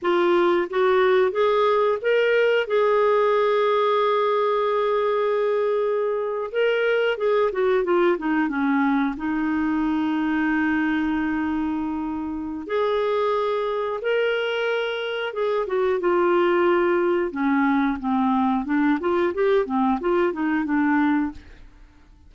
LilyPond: \new Staff \with { instrumentName = "clarinet" } { \time 4/4 \tempo 4 = 90 f'4 fis'4 gis'4 ais'4 | gis'1~ | gis'4.~ gis'16 ais'4 gis'8 fis'8 f'16~ | f'16 dis'8 cis'4 dis'2~ dis'16~ |
dis'2. gis'4~ | gis'4 ais'2 gis'8 fis'8 | f'2 cis'4 c'4 | d'8 f'8 g'8 c'8 f'8 dis'8 d'4 | }